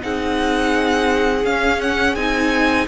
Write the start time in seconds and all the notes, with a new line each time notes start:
0.00 C4 D#4 G#4 F#5
1.44 C#4 F5
1.81 F#5
2.15 C4 D#4 G#5